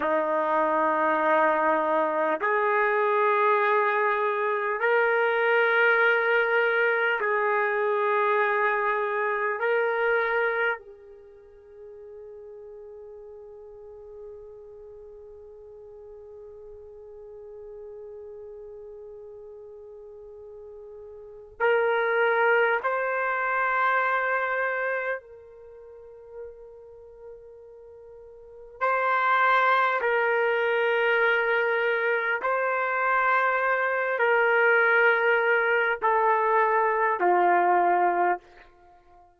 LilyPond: \new Staff \with { instrumentName = "trumpet" } { \time 4/4 \tempo 4 = 50 dis'2 gis'2 | ais'2 gis'2 | ais'4 gis'2.~ | gis'1~ |
gis'2 ais'4 c''4~ | c''4 ais'2. | c''4 ais'2 c''4~ | c''8 ais'4. a'4 f'4 | }